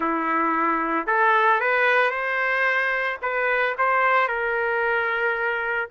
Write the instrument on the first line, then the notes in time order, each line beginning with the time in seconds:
trumpet
0.00 E4
1.06 A4
1.60 B4
2.10 C5
3.21 B4
3.78 C5
4.28 A#4